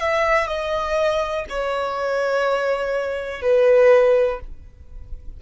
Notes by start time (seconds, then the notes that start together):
0.00 E5
0.47 D#5
1.49 C#5
3.42 B4